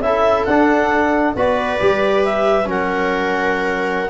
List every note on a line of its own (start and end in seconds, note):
0.00 0.44 C#4
0.00 0.47 E4
0.00 1.37 A4
0.00 0.45 E5
0.45 1.35 D4
0.45 1.36 D4
0.45 1.33 F#5
1.35 1.79 B3
1.35 1.79 F#4
1.35 2.69 B4
1.35 2.24 D5
1.79 2.66 G3
1.79 2.64 G4
2.24 2.68 E5
2.64 4.10 F#3
2.64 4.07 C#4
2.64 4.10 A#4
2.64 4.10 F#5